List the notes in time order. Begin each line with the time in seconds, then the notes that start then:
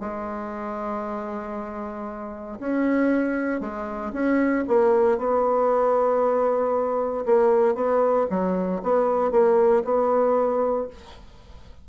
0.00 G#3
2.59 C#4
3.60 G#3
4.12 C#4
4.68 A#3
5.18 B3
7.25 A#3
7.74 B3
8.30 F#3
8.83 B3
9.31 A#3
9.84 B3